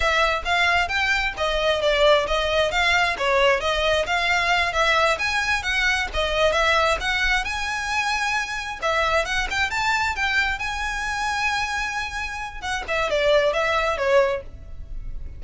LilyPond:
\new Staff \with { instrumentName = "violin" } { \time 4/4 \tempo 4 = 133 e''4 f''4 g''4 dis''4 | d''4 dis''4 f''4 cis''4 | dis''4 f''4. e''4 gis''8~ | gis''8 fis''4 dis''4 e''4 fis''8~ |
fis''8 gis''2. e''8~ | e''8 fis''8 g''8 a''4 g''4 gis''8~ | gis''1 | fis''8 e''8 d''4 e''4 cis''4 | }